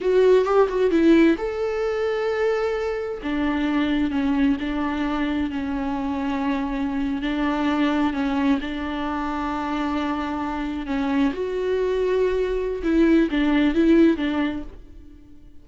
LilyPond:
\new Staff \with { instrumentName = "viola" } { \time 4/4 \tempo 4 = 131 fis'4 g'8 fis'8 e'4 a'4~ | a'2. d'4~ | d'4 cis'4 d'2 | cis'2.~ cis'8. d'16~ |
d'4.~ d'16 cis'4 d'4~ d'16~ | d'2.~ d'8. cis'16~ | cis'8. fis'2.~ fis'16 | e'4 d'4 e'4 d'4 | }